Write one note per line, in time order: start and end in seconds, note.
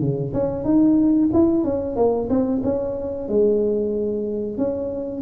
0.00 0.33 C#3
0.33 0.64 C#4
0.64 1.29 D#4
1.33 1.64 E4
1.64 1.96 C#4
1.96 2.29 A#3
2.29 2.62 C4
2.64 3.28 C#4
3.28 4.57 G#3
4.57 5.21 C#4